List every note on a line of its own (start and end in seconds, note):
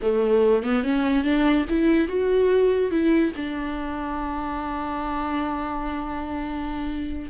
0.02 0.63 A3
0.63 0.83 B3
0.83 1.24 C#4
1.24 1.65 D4
1.69 2.08 E4
2.08 2.90 F#4
2.90 3.32 E4
3.36 7.30 D4